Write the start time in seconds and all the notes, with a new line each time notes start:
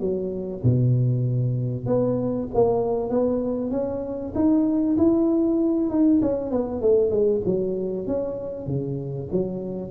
0.00 F#3
0.63 B2
1.86 B3
2.54 A#3
3.09 B3
3.71 C#4
4.35 D#4
4.97 E4
5.89 D#4
6.21 C#4
6.51 B3
6.81 A3
7.10 G#3
7.45 F#3
8.06 C#4
8.66 C#3
9.31 F#3